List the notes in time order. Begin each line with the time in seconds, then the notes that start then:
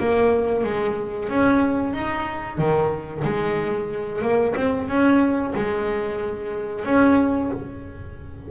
0.00 A#3
0.64 G#3
1.30 C#4
1.94 D#4
2.58 D#3
3.25 G#3
4.22 A#3
4.56 C4
4.89 C#4
5.56 G#3
6.85 C#4